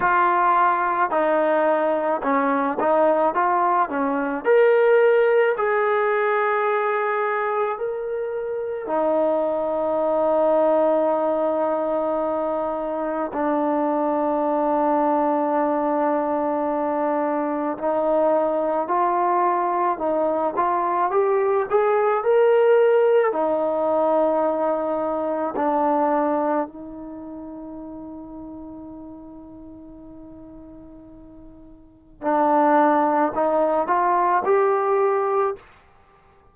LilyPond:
\new Staff \with { instrumentName = "trombone" } { \time 4/4 \tempo 4 = 54 f'4 dis'4 cis'8 dis'8 f'8 cis'8 | ais'4 gis'2 ais'4 | dis'1 | d'1 |
dis'4 f'4 dis'8 f'8 g'8 gis'8 | ais'4 dis'2 d'4 | dis'1~ | dis'4 d'4 dis'8 f'8 g'4 | }